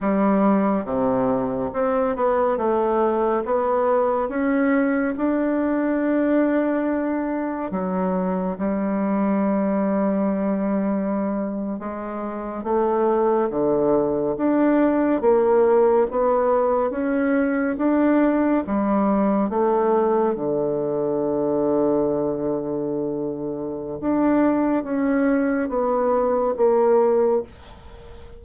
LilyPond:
\new Staff \with { instrumentName = "bassoon" } { \time 4/4 \tempo 4 = 70 g4 c4 c'8 b8 a4 | b4 cis'4 d'2~ | d'4 fis4 g2~ | g4.~ g16 gis4 a4 d16~ |
d8. d'4 ais4 b4 cis'16~ | cis'8. d'4 g4 a4 d16~ | d1 | d'4 cis'4 b4 ais4 | }